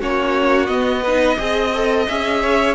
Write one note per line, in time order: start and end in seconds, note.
0.00 0.68 A#3
0.00 0.68 C#4
0.00 1.03 F#4
0.00 0.66 C#5
0.66 1.03 B3
0.66 1.37 B3
0.66 2.04 D#5
1.03 1.37 D#4
1.03 1.37 B4
1.37 2.08 C4
1.37 1.71 G#4
1.37 2.42 D#5
1.75 2.09 A4
2.08 2.75 C#4
2.08 2.75 G#4
2.08 2.75 E5
2.42 2.75 C#5